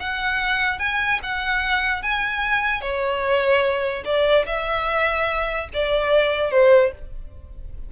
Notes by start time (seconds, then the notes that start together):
0.00 F#5
0.79 G#5
1.23 F#5
2.02 G#5
2.82 C#5
4.05 D5
4.46 E5
5.74 D5
6.51 C5